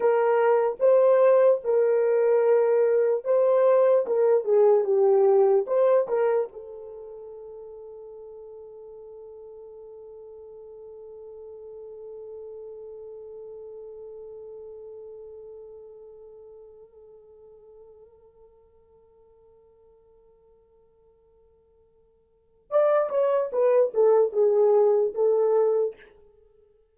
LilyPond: \new Staff \with { instrumentName = "horn" } { \time 4/4 \tempo 4 = 74 ais'4 c''4 ais'2 | c''4 ais'8 gis'8 g'4 c''8 ais'8 | a'1~ | a'1~ |
a'1~ | a'1~ | a'1 | d''8 cis''8 b'8 a'8 gis'4 a'4 | }